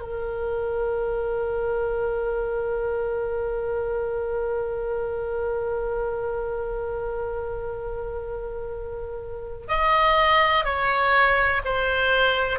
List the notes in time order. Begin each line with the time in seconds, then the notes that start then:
0.00 A#4
9.68 D#5
10.65 C#5
11.65 C5